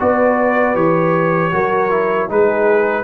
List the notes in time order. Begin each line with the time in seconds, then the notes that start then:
0.00 B3 F#4 B4 D5
0.75 E3 G4 C#5
1.52 F#3 F#4 A#4
1.90 E4
2.29 G#3 D#4 G#4 B4